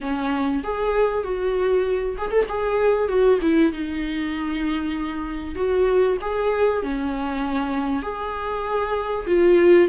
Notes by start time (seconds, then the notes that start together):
0.00 C#4
0.63 G#4
1.23 F#4
2.17 G#4
2.30 A4
2.48 G#4
3.08 F#4
3.41 E4
3.72 D#4
5.55 F#4
6.21 G#4
6.82 C#4
8.02 G#4
9.26 F4